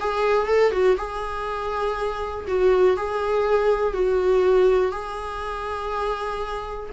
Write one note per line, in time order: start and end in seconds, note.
0.00 0.47 G#4
0.47 0.72 A4
0.72 0.96 F#4
0.97 2.46 G#4
2.47 2.97 F#4
2.97 3.94 G#4
3.94 4.92 F#4
4.92 6.90 G#4